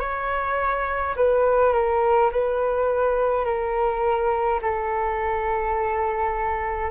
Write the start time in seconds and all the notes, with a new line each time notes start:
0.00 C#5
1.16 B4
1.73 A#4
2.32 B4
3.45 A#4
4.62 A4